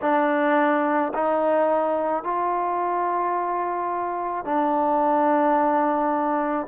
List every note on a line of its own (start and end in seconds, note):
0.01 1.12 D4
1.14 2.23 D#4
2.23 4.44 F4
4.44 6.67 D4